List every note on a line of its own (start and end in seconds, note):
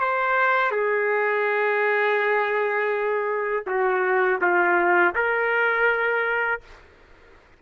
0.00 0.71 C5
0.71 3.64 G#4
3.67 4.40 F#4
4.41 5.15 F4
5.15 6.62 A#4